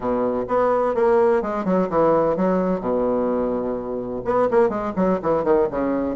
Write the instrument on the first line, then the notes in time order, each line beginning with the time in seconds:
bassoon
0.00 B2
0.47 B3
0.94 A#3
1.42 G#3
1.64 F#3
1.89 E3
2.36 F#3
2.80 B2
4.24 B3
4.50 A#3
4.69 G#3
4.96 F#3
5.22 E3
5.44 D#3
5.71 C#3